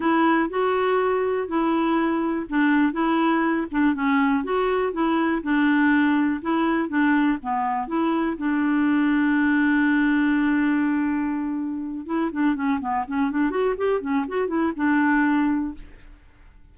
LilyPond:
\new Staff \with { instrumentName = "clarinet" } { \time 4/4 \tempo 4 = 122 e'4 fis'2 e'4~ | e'4 d'4 e'4. d'8 | cis'4 fis'4 e'4 d'4~ | d'4 e'4 d'4 b4 |
e'4 d'2.~ | d'1~ | d'8 e'8 d'8 cis'8 b8 cis'8 d'8 fis'8 | g'8 cis'8 fis'8 e'8 d'2 | }